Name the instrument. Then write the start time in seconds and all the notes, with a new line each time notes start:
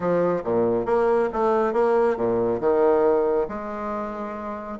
bassoon
0.00 F3
0.44 A#2
0.85 A#3
1.32 A3
1.73 A#3
2.16 A#2
2.60 D#3
3.48 G#3